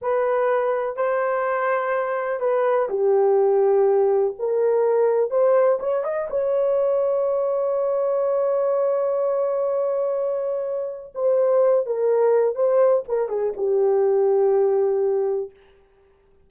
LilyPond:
\new Staff \with { instrumentName = "horn" } { \time 4/4 \tempo 4 = 124 b'2 c''2~ | c''4 b'4 g'2~ | g'4 ais'2 c''4 | cis''8 dis''8 cis''2.~ |
cis''1~ | cis''2. c''4~ | c''8 ais'4. c''4 ais'8 gis'8 | g'1 | }